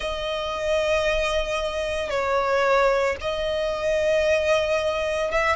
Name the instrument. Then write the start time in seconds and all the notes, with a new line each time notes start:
violin
0.00 D#5
2.09 C#5
3.20 D#5
5.31 E5